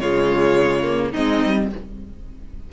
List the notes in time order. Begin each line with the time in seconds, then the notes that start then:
0.00 C#3 G#3 F4 C#5
0.84 A#3
1.11 G#3 C4 D#4 D#5
1.45 G3